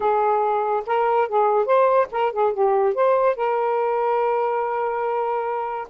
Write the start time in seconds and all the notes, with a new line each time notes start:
0.00 G#4
0.86 A#4
1.28 G#4
1.65 C5
2.11 A#4
2.32 G#4
2.53 G4
2.94 C5
3.36 A#4